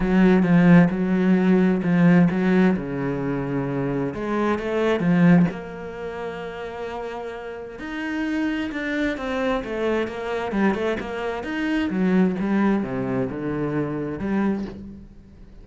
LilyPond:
\new Staff \with { instrumentName = "cello" } { \time 4/4 \tempo 4 = 131 fis4 f4 fis2 | f4 fis4 cis2~ | cis4 gis4 a4 f4 | ais1~ |
ais4 dis'2 d'4 | c'4 a4 ais4 g8 a8 | ais4 dis'4 fis4 g4 | c4 d2 g4 | }